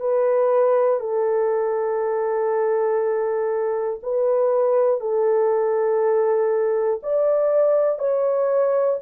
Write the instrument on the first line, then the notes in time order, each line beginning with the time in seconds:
horn
0.00 B4
1.00 A4
4.03 B4
5.00 A4
7.02 D5
7.99 C#5